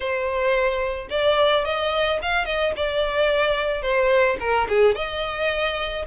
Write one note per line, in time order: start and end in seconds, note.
0.00 1.08 C5
1.09 1.64 D5
1.64 2.19 D#5
2.22 2.45 F5
2.45 2.72 D#5
2.76 3.82 D5
3.82 4.37 C5
4.40 4.67 A#4
4.68 4.95 G#4
4.95 6.05 D#5